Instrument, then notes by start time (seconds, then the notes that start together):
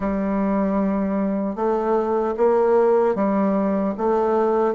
bassoon
0.00 G3
1.55 A3
2.37 A#3
3.15 G3
3.97 A3